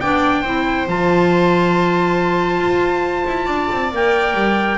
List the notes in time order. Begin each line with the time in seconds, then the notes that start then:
0.00 B3 D4 D5 G5
0.42 C4 E4 C5
0.87 F3 F4 A5
2.59 F4
3.27 E4
3.45 D4 D5
3.71 C4
3.92 A#3 A#4 G5
4.34 G3